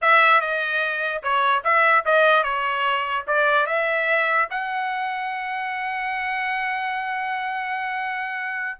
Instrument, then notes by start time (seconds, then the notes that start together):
trumpet
0.01 E5
0.41 D#5
1.22 C#5
1.64 E5
2.05 D#5
2.43 C#5
3.27 D5
3.66 E5
4.50 F#5